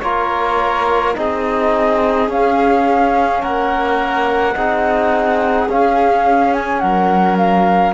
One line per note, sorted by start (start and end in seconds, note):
0.00 1.15 A#3
0.00 1.15 F4
0.00 1.17 A#4
0.00 1.13 C#5
1.15 2.29 C4
1.15 2.28 D#4
1.15 3.41 G#4
1.15 2.29 D#5
2.28 4.54 C#4
2.28 3.42 C#4
2.28 3.43 F5
3.41 4.56 A#3
3.41 4.54 A#4
3.41 5.69 F#5
4.55 5.69 C4
4.55 5.68 D#4
4.55 6.82 G#4
5.69 6.82 C#4
5.69 7.94 C#4
5.69 6.54 F5
6.54 6.80 G#5
6.80 7.94 F#3
6.80 7.94 A#4
6.80 7.36 F#5
7.37 7.94 F5